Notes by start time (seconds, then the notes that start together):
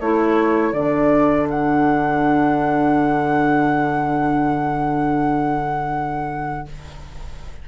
0.00 A3 E4 A4 C#5
0.72 D3 D4 D5
1.50 F#5